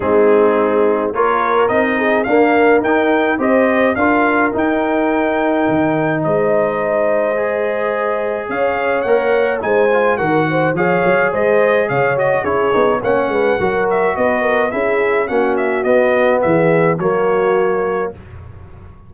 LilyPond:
<<
  \new Staff \with { instrumentName = "trumpet" } { \time 4/4 \tempo 4 = 106 gis'2 cis''4 dis''4 | f''4 g''4 dis''4 f''4 | g''2. dis''4~ | dis''2. f''4 |
fis''4 gis''4 fis''4 f''4 | dis''4 f''8 dis''8 cis''4 fis''4~ | fis''8 e''8 dis''4 e''4 fis''8 e''8 | dis''4 e''4 cis''2 | }
  \new Staff \with { instrumentName = "horn" } { \time 4/4 dis'2 ais'4. gis'8 | ais'2 c''4 ais'4~ | ais'2. c''4~ | c''2. cis''4~ |
cis''4 c''4 ais'8 c''8 cis''4 | c''4 cis''4 gis'4 cis''8 b'8 | ais'4 b'8 ais'8 gis'4 fis'4~ | fis'4 gis'4 fis'2 | }
  \new Staff \with { instrumentName = "trombone" } { \time 4/4 c'2 f'4 dis'4 | ais4 dis'4 g'4 f'4 | dis'1~ | dis'4 gis'2. |
ais'4 dis'8 f'8 fis'4 gis'4~ | gis'4. fis'8 e'8 dis'8 cis'4 | fis'2 e'4 cis'4 | b2 ais2 | }
  \new Staff \with { instrumentName = "tuba" } { \time 4/4 gis2 ais4 c'4 | d'4 dis'4 c'4 d'4 | dis'2 dis4 gis4~ | gis2. cis'4 |
ais4 gis4 dis4 f8 fis8 | gis4 cis4 cis'8 b8 ais8 gis8 | fis4 b4 cis'4 ais4 | b4 e4 fis2 | }
>>